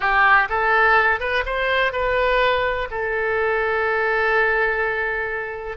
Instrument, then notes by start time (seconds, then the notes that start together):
oboe
0.00 G4
0.49 A4
1.20 B4
1.45 C5
1.92 B4
2.90 A4